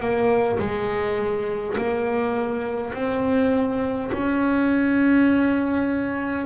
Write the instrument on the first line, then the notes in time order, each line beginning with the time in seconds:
double bass
0.00 A#3
0.59 G#3
1.78 A#3
2.94 C4
4.13 C#4